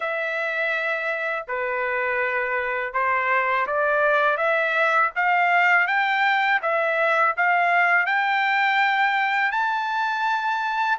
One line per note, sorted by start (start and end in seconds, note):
0.00 1.45 E5
1.47 2.93 B4
2.93 3.66 C5
3.67 4.37 D5
4.37 5.10 E5
5.16 5.87 F5
5.87 6.60 G5
6.62 7.35 E5
7.36 8.06 F5
8.06 9.51 G5
9.51 10.98 A5